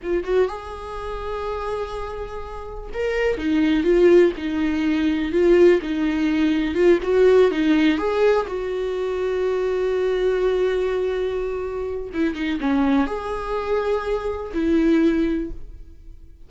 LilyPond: \new Staff \with { instrumentName = "viola" } { \time 4/4 \tempo 4 = 124 f'8 fis'8 gis'2.~ | gis'2 ais'4 dis'4 | f'4 dis'2 f'4 | dis'2 f'8 fis'4 dis'8~ |
dis'8 gis'4 fis'2~ fis'8~ | fis'1~ | fis'4 e'8 dis'8 cis'4 gis'4~ | gis'2 e'2 | }